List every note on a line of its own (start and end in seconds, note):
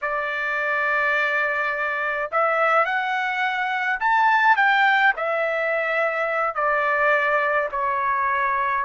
0.01 2.30 D5
2.31 2.85 E5
2.85 3.99 F#5
4.00 4.56 A5
4.56 5.13 G5
5.16 6.55 E5
6.55 7.69 D5
7.71 8.85 C#5